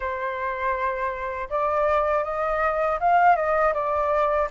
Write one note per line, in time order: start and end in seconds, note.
0.00 1.48 C5
1.49 2.24 D5
2.24 2.99 D#5
3.00 3.35 F5
3.35 3.73 D#5
3.73 4.48 D5